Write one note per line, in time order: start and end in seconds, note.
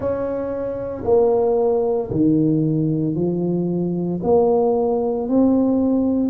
0.00 1.03 C#4
1.04 2.10 A#3
2.10 3.15 D#3
3.15 4.20 F3
4.23 5.28 A#3
5.28 6.29 C4